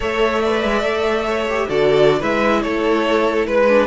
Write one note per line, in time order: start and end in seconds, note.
0.00 0.64 A3
0.00 0.41 A4
0.00 0.42 C#5
0.00 1.69 E5
0.42 0.81 B4
0.42 1.25 D5
0.64 0.81 G#3
0.81 1.65 A3
0.81 1.44 A4
1.25 1.67 C#5
1.48 1.69 G4
1.68 2.21 D3
1.68 2.19 F#4
1.68 2.19 A4
1.68 2.22 D5
2.19 2.63 G#3
2.19 3.66 E4
2.19 2.61 B4
2.19 2.62 E5
2.62 3.46 A3
2.62 3.47 A4
2.62 3.46 C#5
3.46 3.86 G#3
3.46 3.86 B4
3.68 3.86 D4